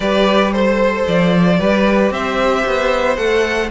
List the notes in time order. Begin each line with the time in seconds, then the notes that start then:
0.00 G3 G4 B4 D5
0.52 A4 C5
1.07 F3 D5
1.59 G3 G4 B4
2.10 C4 C5 E5
2.66 B3
3.16 A3 A4 F#5